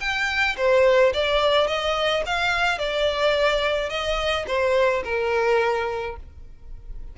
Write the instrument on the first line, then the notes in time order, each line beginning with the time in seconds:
violin
0.00 G5
0.57 C5
1.14 D5
1.67 D#5
2.26 F5
2.78 D5
3.89 D#5
4.47 C5
5.04 A#4